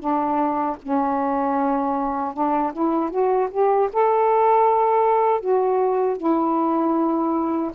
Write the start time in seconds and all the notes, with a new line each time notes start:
0.00 D4
0.83 C#4
2.34 D4
2.73 E4
3.11 F#4
3.51 G4
3.93 A4
5.41 F#4
6.17 E4